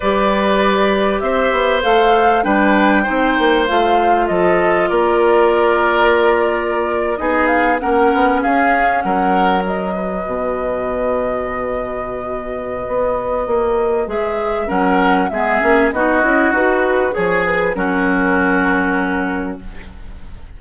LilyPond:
<<
  \new Staff \with { instrumentName = "flute" } { \time 4/4 \tempo 4 = 98 d''2 e''4 f''4 | g''2 f''4 dis''4 | d''2.~ d''8. dis''16~ | dis''16 f''8 fis''4 f''4 fis''4 dis''16~ |
dis''1~ | dis''2. e''4 | fis''4 e''4 dis''4 b'4 | cis''8 b'8 ais'2. | }
  \new Staff \with { instrumentName = "oboe" } { \time 4/4 b'2 c''2 | b'4 c''2 a'4 | ais'2.~ ais'8. gis'16~ | gis'8. ais'4 gis'4 ais'4~ ais'16~ |
ais'16 b'2.~ b'8.~ | b'1 | ais'4 gis'4 fis'2 | gis'4 fis'2. | }
  \new Staff \with { instrumentName = "clarinet" } { \time 4/4 g'2. a'4 | d'4 dis'4 f'2~ | f'2.~ f'8. dis'16~ | dis'8. cis'2. fis'16~ |
fis'1~ | fis'2. gis'4 | cis'4 b8 cis'8 dis'8 e'8 fis'4 | gis'4 cis'2. | }
  \new Staff \with { instrumentName = "bassoon" } { \time 4/4 g2 c'8 b8 a4 | g4 c'8 ais8 a4 f4 | ais2.~ ais8. b16~ | b8. ais8 b8 cis'4 fis4~ fis16~ |
fis8. b,2.~ b,16~ | b,4 b4 ais4 gis4 | fis4 gis8 ais8 b8 cis'8 dis'4 | f4 fis2. | }
>>